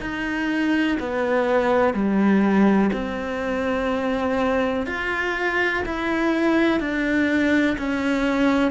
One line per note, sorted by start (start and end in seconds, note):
0.00 0.97 D#4
0.99 1.94 B3
1.94 2.90 G3
2.93 4.86 C4
4.86 5.83 F4
5.85 6.80 E4
6.80 7.77 D4
7.78 8.71 C#4